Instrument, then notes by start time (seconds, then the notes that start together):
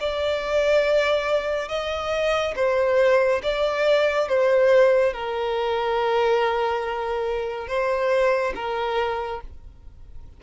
violin
0.00 D5
1.69 D#5
2.56 C5
3.43 D5
4.29 C5
5.13 A#4
7.68 C5
8.55 A#4